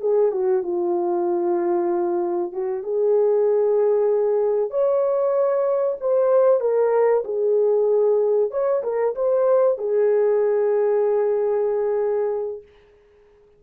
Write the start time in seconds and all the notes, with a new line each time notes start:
0.00 G#4
0.31 F#4
0.63 F4
2.52 F#4
2.83 G#4
4.70 C#5
6.00 C5
6.60 A#4
7.24 G#4
8.51 C#5
8.83 A#4
9.15 C5
9.78 G#4